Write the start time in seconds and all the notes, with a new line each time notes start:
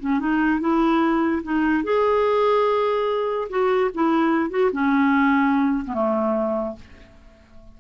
0.00 C#4
0.20 D#4
0.61 E4
1.43 D#4
1.84 G#4
3.50 F#4
3.95 E4
4.51 F#4
4.72 C#4
5.86 B3
5.94 A3